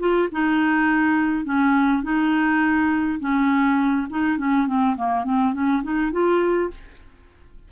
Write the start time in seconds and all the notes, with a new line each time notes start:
0.00 F4
0.32 D#4
1.45 C#4
2.03 D#4
3.20 C#4
4.10 D#4
4.38 C#4
4.67 C4
4.97 A#3
5.25 C4
5.54 C#4
5.84 D#4
6.12 F4